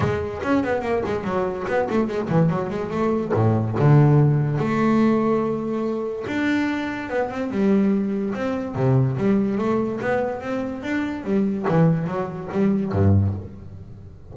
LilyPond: \new Staff \with { instrumentName = "double bass" } { \time 4/4 \tempo 4 = 144 gis4 cis'8 b8 ais8 gis8 fis4 | b8 a8 gis8 e8 fis8 gis8 a4 | a,4 d2 a4~ | a2. d'4~ |
d'4 b8 c'8 g2 | c'4 c4 g4 a4 | b4 c'4 d'4 g4 | e4 fis4 g4 g,4 | }